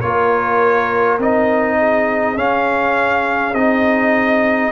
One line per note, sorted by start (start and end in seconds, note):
0.00 1.18 A#3
0.00 1.19 F4
0.00 1.78 A#4
0.00 1.18 C#5
1.18 2.36 C4
1.18 2.37 D#4
1.18 2.37 D#5
1.78 4.72 G#4
2.36 3.53 C#4
2.36 3.54 C#4
2.36 3.54 F5
3.53 4.71 C4
3.53 4.72 D#4
3.53 4.71 D#5